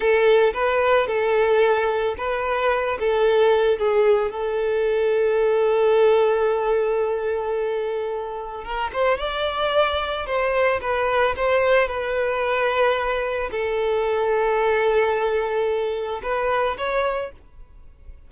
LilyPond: \new Staff \with { instrumentName = "violin" } { \time 4/4 \tempo 4 = 111 a'4 b'4 a'2 | b'4. a'4. gis'4 | a'1~ | a'1 |
ais'8 c''8 d''2 c''4 | b'4 c''4 b'2~ | b'4 a'2.~ | a'2 b'4 cis''4 | }